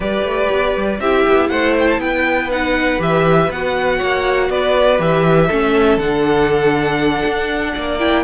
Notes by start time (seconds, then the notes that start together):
0.00 G3 G4 B4 D5
0.23 A3
0.50 B3
0.76 G3
0.99 C4 E4 G4 E5
1.28 B3
1.49 A3 C5 F#5
1.79 G5
1.88 A5
1.97 B3 B4 G5
2.50 D#4 F#5
2.99 E3 G4 E5
3.50 B3 F#4 F#5
3.97 A#3 C#5
4.49 B3 B4 D5
4.98 E3 G4 E5
5.47 A3 C#4 A4
5.97 D3 D4 F#5
7.25 D4
7.73 A#3 D5
7.99 E4 G5